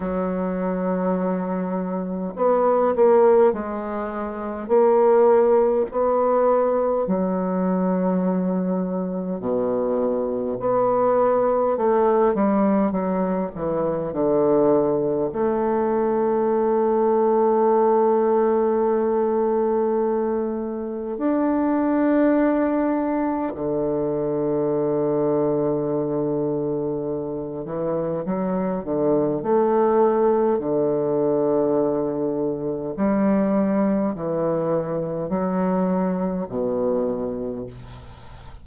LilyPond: \new Staff \with { instrumentName = "bassoon" } { \time 4/4 \tempo 4 = 51 fis2 b8 ais8 gis4 | ais4 b4 fis2 | b,4 b4 a8 g8 fis8 e8 | d4 a2.~ |
a2 d'2 | d2.~ d8 e8 | fis8 d8 a4 d2 | g4 e4 fis4 b,4 | }